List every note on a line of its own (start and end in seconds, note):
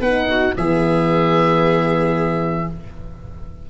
0.00 0.53 B3
0.00 0.56 D#4
0.00 0.27 B4
0.00 0.55 F#5
0.29 0.56 F#4
0.56 2.70 E3
0.56 2.68 B3
0.56 2.70 G#4
0.56 2.69 E5